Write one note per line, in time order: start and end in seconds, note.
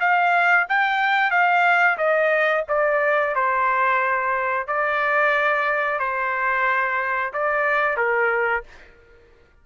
0.00 0.67 F5
0.69 1.30 G5
1.30 1.97 F5
1.97 2.64 D#5
2.68 3.35 D5
3.35 4.67 C5
4.67 5.99 D5
5.99 7.32 C5
7.33 7.97 D5
7.97 8.63 A#4